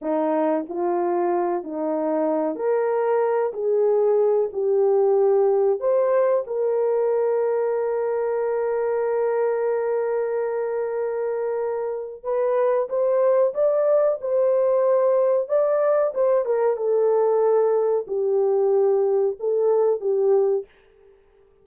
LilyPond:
\new Staff \with { instrumentName = "horn" } { \time 4/4 \tempo 4 = 93 dis'4 f'4. dis'4. | ais'4. gis'4. g'4~ | g'4 c''4 ais'2~ | ais'1~ |
ais'2. b'4 | c''4 d''4 c''2 | d''4 c''8 ais'8 a'2 | g'2 a'4 g'4 | }